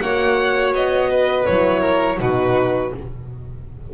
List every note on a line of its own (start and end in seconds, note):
0.00 0.74 A#3
0.00 1.48 F#4
0.00 1.11 C#5
0.00 0.73 F#5
0.74 1.47 B3
0.74 1.46 D#5
1.11 1.81 B4
1.46 2.20 F#3
1.46 2.19 E4
1.46 2.19 C#5
1.81 2.17 A#4
2.19 2.93 B2
2.19 2.92 D#4
2.19 2.94 F#4
2.19 2.95 B4